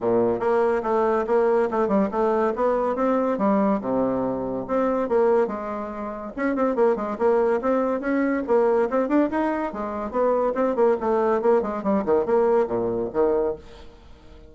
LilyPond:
\new Staff \with { instrumentName = "bassoon" } { \time 4/4 \tempo 4 = 142 ais,4 ais4 a4 ais4 | a8 g8 a4 b4 c'4 | g4 c2 c'4 | ais4 gis2 cis'8 c'8 |
ais8 gis8 ais4 c'4 cis'4 | ais4 c'8 d'8 dis'4 gis4 | b4 c'8 ais8 a4 ais8 gis8 | g8 dis8 ais4 ais,4 dis4 | }